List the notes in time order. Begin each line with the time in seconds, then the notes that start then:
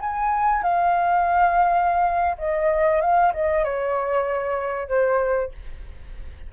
0.00 G#5
0.63 F5
2.38 D#5
3.01 F5
3.33 D#5
3.64 C#5
4.88 C5